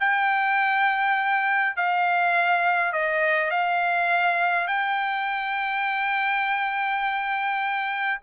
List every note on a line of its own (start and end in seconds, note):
0.00 1.76 G5
1.76 2.93 F5
2.93 3.51 D#5
3.51 4.68 F5
4.68 8.21 G5